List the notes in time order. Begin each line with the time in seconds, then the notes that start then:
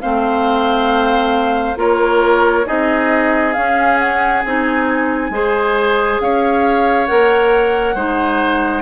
0.00 A3 C4 C5 F5
1.76 A#3 F4 A#4 C#5
2.65 C4 D#4 G#4 D#5
3.53 C#4 F5
3.99 F#5
4.45 C4 D#4 G#5
5.30 G#3 G#4 C5
6.20 C#4 C#5 F5
7.06 A#3 A#4 F#5
7.94 G#3 D#4 C5